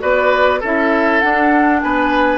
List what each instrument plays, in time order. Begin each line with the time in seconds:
0.00 bassoon B3, clarinet F#4, oboe B4, flute D5
0.60 bassoon C#4, clarinet E4, oboe A4, flute E5
1.21 clarinet D4, bassoon D4, flute F#5
1.81 bassoon B3, oboe B4, flute G#5